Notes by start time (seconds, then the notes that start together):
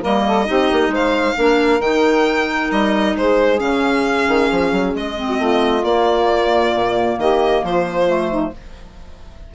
0.00 G3 A#3 A#4 D#5
0.27 A4
0.46 C4 D#4 G4
0.72 A#3
0.88 G#3 C5
0.94 F5
1.36 A#3 D4 A#4
1.80 D#3 D#4 G5
2.71 G3 D#5
3.16 G#3 G#4 C5
3.58 C#3 C#4 F5
4.28 D#3
4.51 F3
4.72 F#3
4.95 G#3 D#5
5.16 C4
5.28 F#4
5.38 A3 F4
5.84 A#3 D5
6.75 A#2
7.18 D#3 G4 D#5
7.63 F3 F4 C5
8.07 A3
8.31 D#4